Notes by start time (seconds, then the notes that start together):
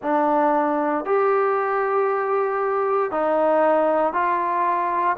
0.02 D4
1.05 G4
3.11 D#4
4.13 F4